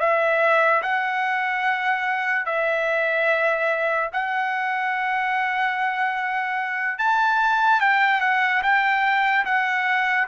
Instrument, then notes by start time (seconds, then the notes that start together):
trumpet
0.00 E5
0.83 F#5
2.46 E5
4.13 F#5
6.99 A5
7.80 G5
8.21 F#5
8.63 G5
9.45 F#5